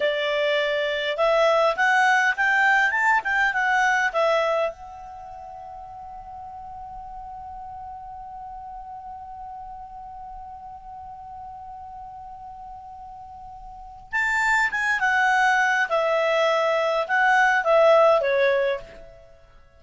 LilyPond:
\new Staff \with { instrumentName = "clarinet" } { \time 4/4 \tempo 4 = 102 d''2 e''4 fis''4 | g''4 a''8 g''8 fis''4 e''4 | fis''1~ | fis''1~ |
fis''1~ | fis''1 | a''4 gis''8 fis''4. e''4~ | e''4 fis''4 e''4 cis''4 | }